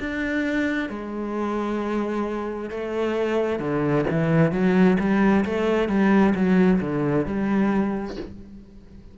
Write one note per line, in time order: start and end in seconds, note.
0.00 0.90 D4
0.90 2.70 G#3
2.70 3.60 A3
3.60 4.05 D3
4.10 4.52 E3
4.52 4.98 F#3
4.99 5.45 G3
5.45 5.88 A3
5.88 6.34 G3
6.35 6.80 F#3
6.81 7.26 D3
7.26 8.17 G3